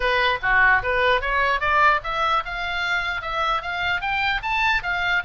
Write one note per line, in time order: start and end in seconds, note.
0.00 0.38 B4
0.42 0.82 F#4
0.83 1.21 B4
1.21 1.60 C#5
1.60 2.00 D5
2.03 2.43 E5
2.45 3.21 F5
3.21 3.62 E5
3.62 4.01 F5
4.01 4.41 G5
4.42 4.82 A5
4.82 5.23 F5